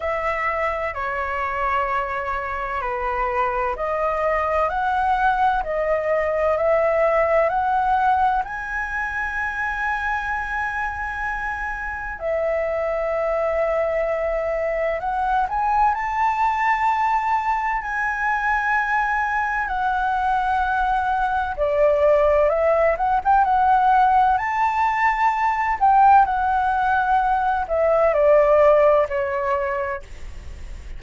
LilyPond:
\new Staff \with { instrumentName = "flute" } { \time 4/4 \tempo 4 = 64 e''4 cis''2 b'4 | dis''4 fis''4 dis''4 e''4 | fis''4 gis''2.~ | gis''4 e''2. |
fis''8 gis''8 a''2 gis''4~ | gis''4 fis''2 d''4 | e''8 fis''16 g''16 fis''4 a''4. g''8 | fis''4. e''8 d''4 cis''4 | }